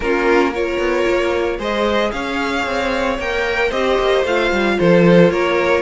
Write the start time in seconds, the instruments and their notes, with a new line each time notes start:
0.00 cello A#3, viola C#4, violin F4 A#4
0.51 viola F4, violin A#4 C#5
0.78 cello B3
1.06 cello A#3
1.58 cello G#3, viola G#4, violin C5 D#5
2.11 cello C#4, violin C#5 F5
2.65 cello C4
3.18 cello A#3, viola A#4, violin G5
3.69 cello C4, viola G4, violin C5 D#5
3.99 cello A#3
4.24 cello A3, viola F4, violin F5
4.51 cello G3
4.79 cello F3, violin A4 C5
5.30 cello A#3, violin A#4 C#5